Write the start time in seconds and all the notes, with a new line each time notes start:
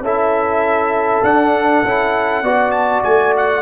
0.00 C#4 E4 A4 E5
1.23 D4 F#5
1.83 C#4 E4
2.43 B3 F#4 D5
2.71 A5
3.03 A3 G#5
3.36 F#5